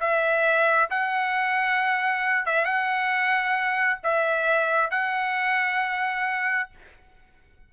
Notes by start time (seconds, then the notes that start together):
0.00 E5
0.90 F#5
2.46 E5
2.65 F#5
4.04 E5
4.91 F#5